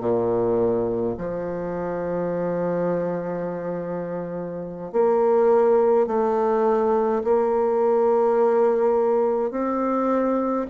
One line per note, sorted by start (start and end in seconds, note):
0.00 1.15 A#2
1.17 4.92 F3
4.92 6.07 A#3
6.07 7.22 A3
7.24 9.50 A#3
9.50 10.66 C4